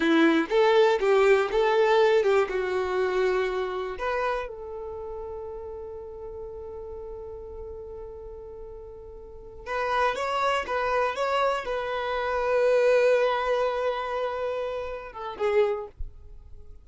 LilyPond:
\new Staff \with { instrumentName = "violin" } { \time 4/4 \tempo 4 = 121 e'4 a'4 g'4 a'4~ | a'8 g'8 fis'2. | b'4 a'2.~ | a'1~ |
a'2.~ a'8 b'8~ | b'8 cis''4 b'4 cis''4 b'8~ | b'1~ | b'2~ b'8 a'8 gis'4 | }